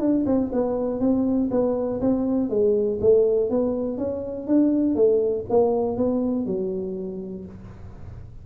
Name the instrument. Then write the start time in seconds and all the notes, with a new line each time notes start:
tuba
0.00 D4
0.26 C4
0.52 B3
1.00 C4
1.51 B3
2.01 C4
2.49 G#3
3.01 A3
3.50 B3
3.97 C#4
4.47 D4
4.95 A3
5.49 A#3
5.96 B3
6.46 F#3